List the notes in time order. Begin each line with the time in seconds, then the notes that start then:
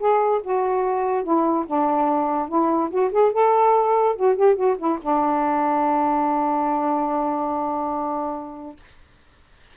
0.00 G#4
0.44 F#4
1.24 E4
1.67 D4
2.49 E4
2.91 F#4
3.12 G#4
3.33 A4
4.16 F#4
4.37 G4
4.56 F#4
4.78 E4
5.02 D4